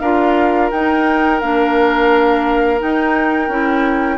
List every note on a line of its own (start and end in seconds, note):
0.00 0.71 D4
0.00 0.73 F4
0.00 4.18 A#4
0.00 0.70 F5
0.71 1.42 D#4
0.71 1.41 D#4
0.71 1.41 G5
1.41 2.82 A#3
1.41 2.79 D4
1.41 2.80 F5
2.79 3.49 D#4
2.79 4.18 G5
3.49 4.18 C#4
3.49 4.18 E4